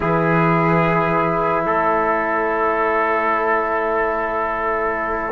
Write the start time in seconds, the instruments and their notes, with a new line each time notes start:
0.00 cello E3, trombone E4, trumpet G#4, flute B4
1.63 cello A3, trumpet A4, flute C#5